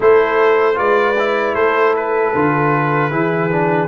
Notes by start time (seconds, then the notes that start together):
0.00 A3 E4 A4 C5
0.75 G#3 F4 B4 D5
1.18 E4
1.54 A3 A4 C5
1.96 B4
2.34 D3 F4
3.10 E3 E4 G#4
3.51 D4